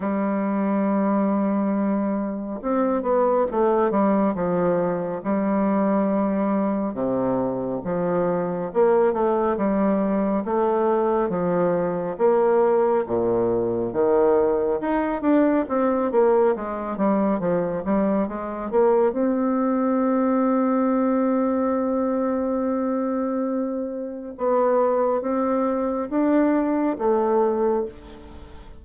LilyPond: \new Staff \with { instrumentName = "bassoon" } { \time 4/4 \tempo 4 = 69 g2. c'8 b8 | a8 g8 f4 g2 | c4 f4 ais8 a8 g4 | a4 f4 ais4 ais,4 |
dis4 dis'8 d'8 c'8 ais8 gis8 g8 | f8 g8 gis8 ais8 c'2~ | c'1 | b4 c'4 d'4 a4 | }